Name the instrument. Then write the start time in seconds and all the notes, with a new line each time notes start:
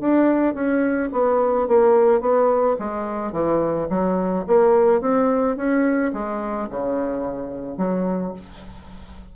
bassoon
0.00 D4
0.54 C#4
1.12 B3
1.67 A#3
2.20 B3
2.79 G#3
3.32 E3
3.89 F#3
4.47 A#3
5.01 C4
5.57 C#4
6.13 G#3
6.70 C#3
7.77 F#3